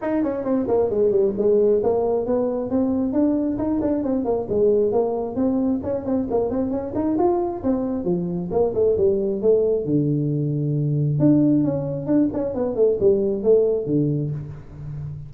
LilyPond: \new Staff \with { instrumentName = "tuba" } { \time 4/4 \tempo 4 = 134 dis'8 cis'8 c'8 ais8 gis8 g8 gis4 | ais4 b4 c'4 d'4 | dis'8 d'8 c'8 ais8 gis4 ais4 | c'4 cis'8 c'8 ais8 c'8 cis'8 dis'8 |
f'4 c'4 f4 ais8 a8 | g4 a4 d2~ | d4 d'4 cis'4 d'8 cis'8 | b8 a8 g4 a4 d4 | }